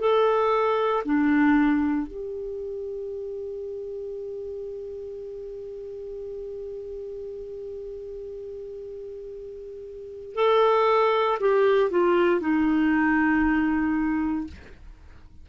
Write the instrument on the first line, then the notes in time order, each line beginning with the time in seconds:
clarinet
0.00 A4
1.05 D4
2.08 G4
10.35 A4
11.41 G4
11.91 F4
12.41 D#4